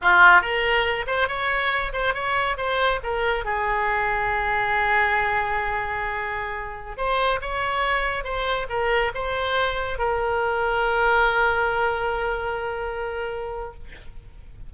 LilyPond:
\new Staff \with { instrumentName = "oboe" } { \time 4/4 \tempo 4 = 140 f'4 ais'4. c''8 cis''4~ | cis''8 c''8 cis''4 c''4 ais'4 | gis'1~ | gis'1~ |
gis'16 c''4 cis''2 c''8.~ | c''16 ais'4 c''2 ais'8.~ | ais'1~ | ais'1 | }